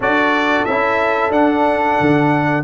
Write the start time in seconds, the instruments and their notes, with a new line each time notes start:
0.00 tuba D4, trombone F#4, horn A4, trumpet D5
0.65 tuba C#4, trombone E4, trumpet E5
1.30 tuba D4, trombone D4, trumpet F#5
2.00 tuba D3